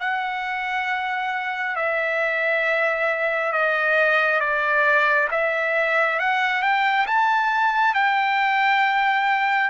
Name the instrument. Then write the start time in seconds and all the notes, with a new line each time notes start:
trumpet
0.00 F#5
1.76 E5
3.53 D#5
4.40 D5
5.31 E5
6.20 F#5
6.63 G5
7.07 A5
7.94 G5